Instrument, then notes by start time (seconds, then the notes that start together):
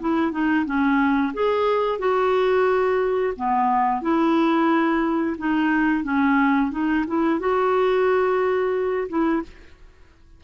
clarinet
0.00 E4
0.32 D#4
0.65 C#4
1.33 G#4
1.99 F#4
3.36 B3
4.02 E4
5.38 D#4
6.04 C#4
6.71 D#4
7.07 E4
7.39 F#4
9.09 E4